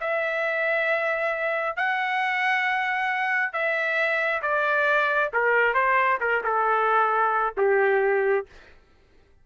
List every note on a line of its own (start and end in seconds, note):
0.00 1.76 E5
1.76 3.52 F#5
3.52 4.41 E5
4.42 5.31 D5
5.33 5.74 A#4
5.74 6.18 C5
6.20 6.42 A#4
6.43 7.54 A4
7.57 8.46 G4